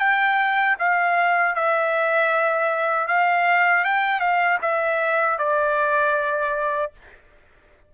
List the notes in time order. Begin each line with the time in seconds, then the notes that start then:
0.00 G5
0.79 F5
1.56 E5
3.08 F5
3.85 G5
4.20 F5
4.62 E5
5.39 D5